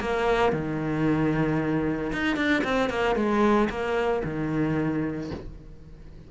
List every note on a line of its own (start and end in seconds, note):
0.00 0.52 A#3
0.52 2.12 D#3
2.12 2.36 D#4
2.36 2.63 D4
2.64 2.89 C4
2.89 3.15 A#3
3.15 3.69 G#3
3.69 4.22 A#3
4.24 5.30 D#3